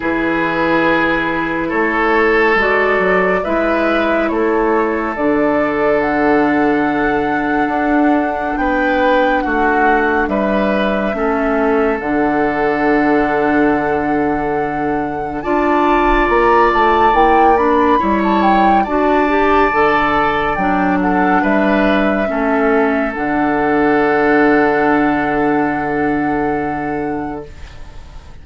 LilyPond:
<<
  \new Staff \with { instrumentName = "flute" } { \time 4/4 \tempo 4 = 70 b'2 cis''4 d''4 | e''4 cis''4 d''4 fis''4~ | fis''2 g''4 fis''4 | e''2 fis''2~ |
fis''2 a''4 ais''8 a''8 | g''8 b''8. a''16 g''8 a''2 | g''8 fis''8 e''2 fis''4~ | fis''1 | }
  \new Staff \with { instrumentName = "oboe" } { \time 4/4 gis'2 a'2 | b'4 a'2.~ | a'2 b'4 fis'4 | b'4 a'2.~ |
a'2 d''2~ | d''4 cis''4 d''2~ | d''8 a'8 b'4 a'2~ | a'1 | }
  \new Staff \with { instrumentName = "clarinet" } { \time 4/4 e'2. fis'4 | e'2 d'2~ | d'1~ | d'4 cis'4 d'2~ |
d'2 f'2 | e'8 d'8 e'4 fis'8 g'8 a'4 | d'2 cis'4 d'4~ | d'1 | }
  \new Staff \with { instrumentName = "bassoon" } { \time 4/4 e2 a4 gis8 fis8 | gis4 a4 d2~ | d4 d'4 b4 a4 | g4 a4 d2~ |
d2 d'4 ais8 a8 | ais4 g4 d'4 d4 | fis4 g4 a4 d4~ | d1 | }
>>